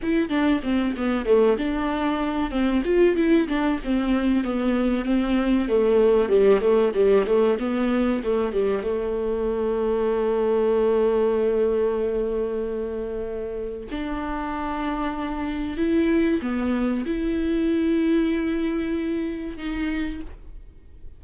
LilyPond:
\new Staff \with { instrumentName = "viola" } { \time 4/4 \tempo 4 = 95 e'8 d'8 c'8 b8 a8 d'4. | c'8 f'8 e'8 d'8 c'4 b4 | c'4 a4 g8 a8 g8 a8 | b4 a8 g8 a2~ |
a1~ | a2 d'2~ | d'4 e'4 b4 e'4~ | e'2. dis'4 | }